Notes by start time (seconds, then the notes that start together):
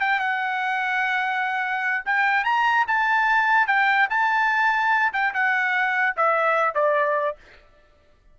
0.00 G5
0.19 F#5
2.05 G5
2.44 A#5
2.87 A5
3.67 G5
4.10 A5
5.13 G5
5.33 F#5
6.16 E5
6.74 D5